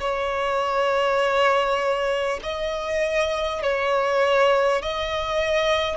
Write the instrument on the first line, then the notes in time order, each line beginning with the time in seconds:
violin
0.00 C#5
2.43 D#5
3.63 C#5
4.82 D#5